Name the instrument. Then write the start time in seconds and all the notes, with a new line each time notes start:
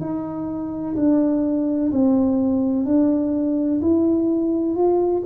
tuba
0.00 D#4
0.96 D4
1.92 C4
2.86 D4
3.82 E4
4.75 F4